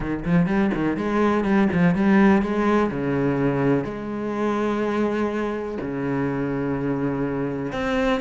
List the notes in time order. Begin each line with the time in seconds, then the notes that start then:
0.00 D#3
0.25 F3
0.46 G3
0.74 D#3
0.97 G#3
1.44 G3
1.72 F3
1.94 G3
2.41 G#3
2.90 C#3
3.84 G#3
5.81 C#3
7.72 C4